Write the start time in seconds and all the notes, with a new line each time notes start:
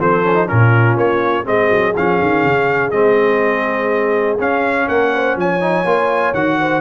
0.00 F3 C4 A4 C5
0.24 C#4
0.34 D#4
0.47 A#2 C#4 F4 A#4
0.96 A#3 C#5
1.44 G#3 C4 G#4 D#5
1.71 F#3
1.96 F3 C#4 F5
2.21 D#3
2.44 C#3
2.91 G#3 C4 D#5
4.39 C#4 F5
4.87 A#3 A#4 F#5
5.14 C5
5.36 F3 C#5 G#5
5.60 D#4
5.85 A#3 F4
6.34 D#3 F#4 F#5
6.59 C5